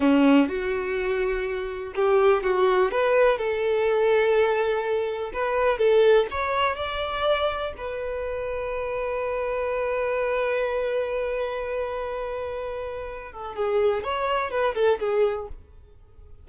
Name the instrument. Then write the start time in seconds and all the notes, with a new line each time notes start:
violin
0.00 C#4
0.48 F#4
1.95 G4
2.43 F#4
2.91 B4
3.38 A4
5.33 B4
5.78 A4
6.30 C#5
6.75 D5
7.77 B4
13.32 A4
13.55 G#4
14.03 C#5
14.50 B4
14.74 A4
14.99 G#4